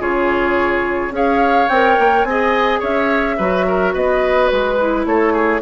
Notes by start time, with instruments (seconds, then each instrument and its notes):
0.00 bassoon C#3, clarinet F4, oboe G#4, flute C#5
1.11 bassoon C#4, clarinet G#4, oboe C#5, flute F5
1.69 bassoon C4, clarinet A#4, flute G5
1.99 bassoon A#3
2.24 bassoon C4, clarinet G#4, oboe D#5, flute G#5
2.80 bassoon C#4, oboe C#5, flute E5
3.38 bassoon F#3, clarinet F#4, oboe B4
3.68 oboe A#4
3.94 bassoon B3, oboe B4, flute D#5
4.48 bassoon G#3, flute B4
4.80 clarinet E4
5.06 bassoon A3, oboe A4, flute C#5
5.33 oboe G#4